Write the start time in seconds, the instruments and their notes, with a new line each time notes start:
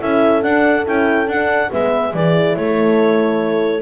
0.00 double bass C#4, horn E4 A4, clarinet E5
0.42 horn D4, double bass D4, clarinet F#5
0.86 double bass C#4, horn E4, clarinet G5
1.27 double bass D4, horn D4, clarinet F#5
1.71 double bass G#3, horn B3 B4, clarinet E5
2.13 double bass E3, horn E4 G#4, clarinet D5
2.56 double bass A3, horn A4, clarinet C#5